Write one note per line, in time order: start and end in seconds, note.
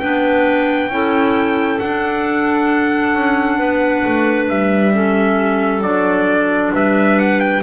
0.00 0.89 B3
0.00 0.90 D4
0.00 0.90 B4
0.00 1.79 G5
0.89 1.79 C#4
0.89 1.80 E4
0.89 3.59 A4
1.79 4.93 D4
1.79 3.15 D4
1.79 4.48 F#5
3.15 3.60 C#4
3.59 4.04 B3
3.59 4.93 B4
4.06 4.50 A3
4.49 5.82 G3
4.49 5.83 E5
4.93 5.83 C#4
4.93 6.73 A4
5.82 6.71 F#3
5.82 7.62 D4
5.82 6.72 D5
6.73 7.63 G3
6.73 7.62 B4
6.73 7.19 E5
7.19 7.40 F#5
7.40 7.62 G5